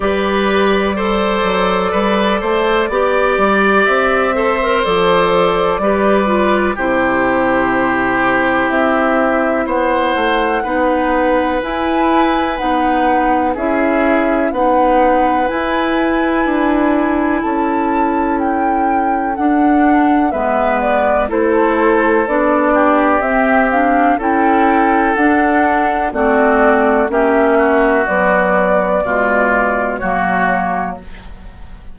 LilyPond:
<<
  \new Staff \with { instrumentName = "flute" } { \time 4/4 \tempo 4 = 62 d''1 | e''4 d''2 c''4~ | c''4 e''4 fis''2 | gis''4 fis''4 e''4 fis''4 |
gis''2 a''4 g''4 | fis''4 e''8 d''8 c''4 d''4 | e''8 f''8 g''4 fis''4 d''4 | e''4 d''2 cis''4 | }
  \new Staff \with { instrumentName = "oboe" } { \time 4/4 b'4 c''4 b'8 c''8 d''4~ | d''8 c''4. b'4 g'4~ | g'2 c''4 b'4~ | b'2 gis'4 b'4~ |
b'2 a'2~ | a'4 b'4 a'4. g'8~ | g'4 a'2 fis'4 | g'8 fis'4. f'4 fis'4 | }
  \new Staff \with { instrumentName = "clarinet" } { \time 4/4 g'4 a'2 g'4~ | g'8 a'16 ais'16 a'4 g'8 f'8 e'4~ | e'2. dis'4 | e'4 dis'4 e'4 dis'4 |
e'1 | d'4 b4 e'4 d'4 | c'8 d'8 e'4 d'4 c'4 | cis'4 fis4 gis4 ais4 | }
  \new Staff \with { instrumentName = "bassoon" } { \time 4/4 g4. fis8 g8 a8 b8 g8 | c'4 f4 g4 c4~ | c4 c'4 b8 a8 b4 | e'4 b4 cis'4 b4 |
e'4 d'4 cis'2 | d'4 gis4 a4 b4 | c'4 cis'4 d'4 a4 | ais4 b4 b,4 fis4 | }
>>